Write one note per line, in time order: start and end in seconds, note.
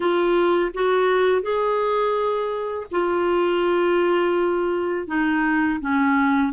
0.00 0.72 F4
0.74 1.42 F#4
1.42 2.86 G#4
2.91 5.07 F4
5.07 5.79 D#4
5.80 6.52 C#4